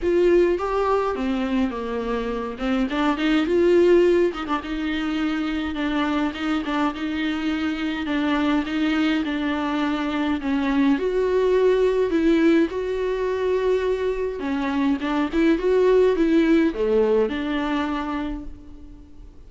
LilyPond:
\new Staff \with { instrumentName = "viola" } { \time 4/4 \tempo 4 = 104 f'4 g'4 c'4 ais4~ | ais8 c'8 d'8 dis'8 f'4. dis'16 d'16 | dis'2 d'4 dis'8 d'8 | dis'2 d'4 dis'4 |
d'2 cis'4 fis'4~ | fis'4 e'4 fis'2~ | fis'4 cis'4 d'8 e'8 fis'4 | e'4 a4 d'2 | }